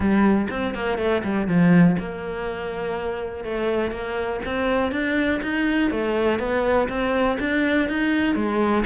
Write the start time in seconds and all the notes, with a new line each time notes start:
0.00 G3
0.50 C4
0.74 A#3
0.97 A3
1.23 G3
1.47 F3
1.99 A#3
3.44 A3
3.91 A#3
4.45 C4
4.91 D4
5.42 D#4
5.90 A3
6.39 B3
6.88 C4
7.39 D4
7.88 D#4
8.35 G#3